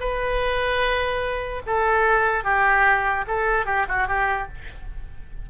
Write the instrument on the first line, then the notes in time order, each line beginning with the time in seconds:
oboe
0.00 B4
1.66 A4
2.44 G4
3.27 A4
3.66 G4
3.88 F#4
4.07 G4